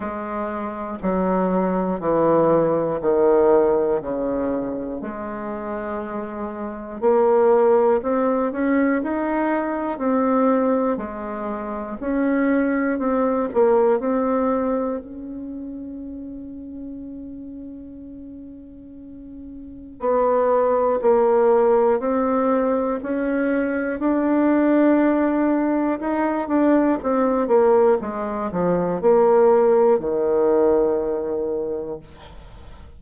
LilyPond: \new Staff \with { instrumentName = "bassoon" } { \time 4/4 \tempo 4 = 60 gis4 fis4 e4 dis4 | cis4 gis2 ais4 | c'8 cis'8 dis'4 c'4 gis4 | cis'4 c'8 ais8 c'4 cis'4~ |
cis'1 | b4 ais4 c'4 cis'4 | d'2 dis'8 d'8 c'8 ais8 | gis8 f8 ais4 dis2 | }